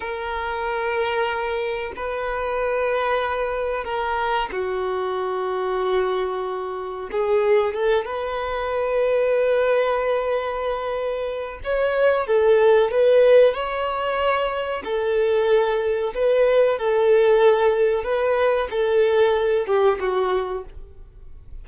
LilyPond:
\new Staff \with { instrumentName = "violin" } { \time 4/4 \tempo 4 = 93 ais'2. b'4~ | b'2 ais'4 fis'4~ | fis'2. gis'4 | a'8 b'2.~ b'8~ |
b'2 cis''4 a'4 | b'4 cis''2 a'4~ | a'4 b'4 a'2 | b'4 a'4. g'8 fis'4 | }